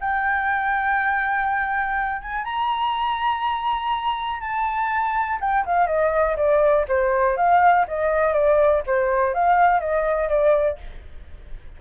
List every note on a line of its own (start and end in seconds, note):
0.00 2.21 G5
2.21 2.44 G#5
2.44 4.40 A#5
4.40 5.38 A5
5.40 5.64 G5
5.65 5.87 F5
5.87 6.36 D#5
6.36 6.85 D5
6.87 7.36 C5
7.36 7.86 F5
7.87 8.33 D#5
8.33 8.82 D5
8.86 9.34 C5
9.34 9.80 F5
9.80 10.28 D#5
10.28 10.77 D5